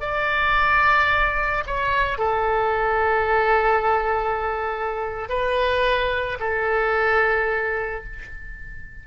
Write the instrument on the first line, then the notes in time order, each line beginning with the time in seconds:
oboe
0.00 D5
1.67 C#5
2.18 A4
5.29 B4
6.40 A4